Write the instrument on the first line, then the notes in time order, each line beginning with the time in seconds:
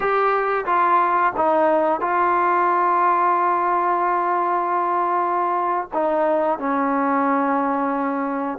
trombone
0.00 G4
0.65 F4
1.36 D#4
2.00 F4
5.93 D#4
6.59 C#4